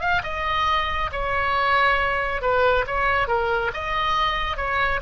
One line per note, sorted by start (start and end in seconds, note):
0.00 0.22 F5
0.23 1.10 D#5
1.11 2.42 C#5
2.42 2.85 B4
2.86 3.27 C#5
3.27 3.71 A#4
3.74 4.57 D#5
4.57 5.00 C#5